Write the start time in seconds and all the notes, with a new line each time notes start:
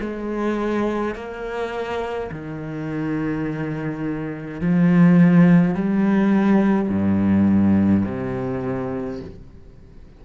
0.00 G#3
1.15 A#3
2.31 D#3
4.60 F3
5.74 G3
6.88 G2
8.05 C3